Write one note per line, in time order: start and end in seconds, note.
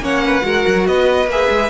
0.00 0.42 A#3
0.00 0.42 C#4
0.00 0.24 C#5
0.00 0.87 F#5
0.24 0.45 B4
0.42 0.65 G#3
0.42 1.26 F#4
0.42 0.88 A#4
0.67 0.87 F#3
0.87 1.27 B3
0.87 1.70 B4
0.87 1.29 D#5
1.27 1.48 A#3
1.27 1.70 G#4
1.27 1.70 E5
1.49 1.70 G#3